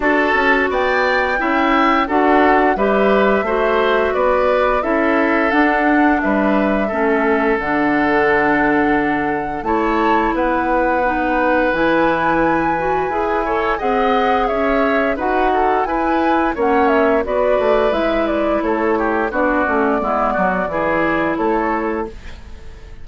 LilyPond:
<<
  \new Staff \with { instrumentName = "flute" } { \time 4/4 \tempo 4 = 87 a''4 g''2 fis''4 | e''2 d''4 e''4 | fis''4 e''2 fis''4~ | fis''2 a''4 fis''4~ |
fis''4 gis''2. | fis''4 e''4 fis''4 gis''4 | fis''8 e''8 d''4 e''8 d''8 cis''4 | d''2. cis''4 | }
  \new Staff \with { instrumentName = "oboe" } { \time 4/4 a'4 d''4 e''4 a'4 | b'4 c''4 b'4 a'4~ | a'4 b'4 a'2~ | a'2 cis''4 b'4~ |
b'2.~ b'8 cis''8 | dis''4 cis''4 b'8 a'8 b'4 | cis''4 b'2 a'8 g'8 | fis'4 e'8 fis'8 gis'4 a'4 | }
  \new Staff \with { instrumentName = "clarinet" } { \time 4/4 fis'2 e'4 fis'4 | g'4 fis'2 e'4 | d'2 cis'4 d'4~ | d'2 e'2 |
dis'4 e'4. fis'8 gis'8 a'8 | gis'2 fis'4 e'4 | cis'4 fis'4 e'2 | d'8 cis'8 b4 e'2 | }
  \new Staff \with { instrumentName = "bassoon" } { \time 4/4 d'8 cis'8 b4 cis'4 d'4 | g4 a4 b4 cis'4 | d'4 g4 a4 d4~ | d2 a4 b4~ |
b4 e2 e'4 | c'4 cis'4 dis'4 e'4 | ais4 b8 a8 gis4 a4 | b8 a8 gis8 fis8 e4 a4 | }
>>